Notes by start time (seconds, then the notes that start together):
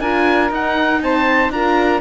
0.00 D4 F4 A#4 G#5
0.50 D#4 F#5
1.02 C4 C5 A5
1.50 D4 F4 A#4 A#5